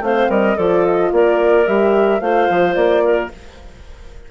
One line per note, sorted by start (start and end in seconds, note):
0.00 0.27 A3
0.00 0.57 C4
0.00 0.29 C5
0.00 0.31 F5
0.29 0.56 G3
0.29 0.56 A#4
0.29 0.58 D#5
0.56 1.12 F3
0.56 1.66 F4
0.56 1.10 A4
0.56 0.85 D5
0.85 1.12 D#5
1.12 1.66 A#3
1.12 2.21 A#4
1.12 1.67 D5
1.66 2.20 G3
1.66 2.21 G4
1.66 2.20 E5
2.20 2.48 A3
2.20 3.30 F4
2.20 3.02 C5
2.20 2.74 F5
2.49 2.75 F3
2.74 3.30 A#3
2.74 3.28 D5
3.03 3.30 A#4